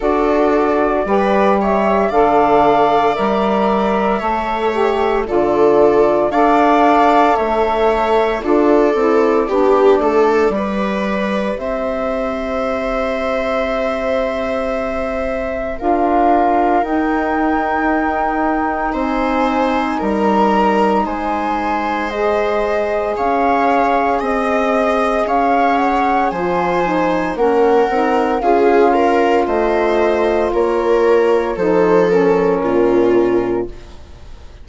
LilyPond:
<<
  \new Staff \with { instrumentName = "flute" } { \time 4/4 \tempo 4 = 57 d''4. e''8 f''4 e''4~ | e''4 d''4 f''4 e''4 | d''2. e''4~ | e''2. f''4 |
g''2 gis''4 ais''4 | gis''4 dis''4 f''4 dis''4 | f''8 fis''8 gis''4 fis''4 f''4 | dis''4 cis''4 c''8 ais'4. | }
  \new Staff \with { instrumentName = "viola" } { \time 4/4 a'4 b'8 cis''8 d''2 | cis''4 a'4 d''4 cis''4 | a'4 g'8 a'8 b'4 c''4~ | c''2. ais'4~ |
ais'2 c''4 ais'4 | c''2 cis''4 dis''4 | cis''4 c''4 ais'4 gis'8 ais'8 | c''4 ais'4 a'4 f'4 | }
  \new Staff \with { instrumentName = "saxophone" } { \time 4/4 fis'4 g'4 a'4 ais'4 | a'8 g'8 f'4 a'2 | f'8 e'8 d'4 g'2~ | g'2. f'4 |
dis'1~ | dis'4 gis'2.~ | gis'4 f'8 dis'8 cis'8 dis'8 f'4~ | f'2 dis'8 cis'4. | }
  \new Staff \with { instrumentName = "bassoon" } { \time 4/4 d'4 g4 d4 g4 | a4 d4 d'4 a4 | d'8 c'8 b8 a8 g4 c'4~ | c'2. d'4 |
dis'2 c'4 g4 | gis2 cis'4 c'4 | cis'4 f4 ais8 c'8 cis'4 | a4 ais4 f4 ais,4 | }
>>